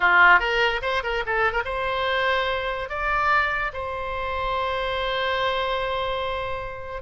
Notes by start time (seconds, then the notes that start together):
0.00 F4
0.39 A#4
0.82 C5
1.03 A#4
1.26 A4
1.52 A#4
1.65 C5
2.89 D5
3.73 C5